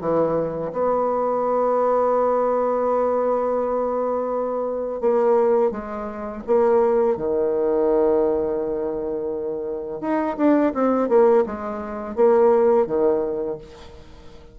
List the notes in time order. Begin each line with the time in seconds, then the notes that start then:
0.00 E3
0.72 B3
5.01 A#3
5.71 G#3
6.46 A#3
7.17 D#3
10.00 D#4
10.37 D4
10.74 C4
11.08 A#3
11.46 G#3
12.15 A#3
12.86 D#3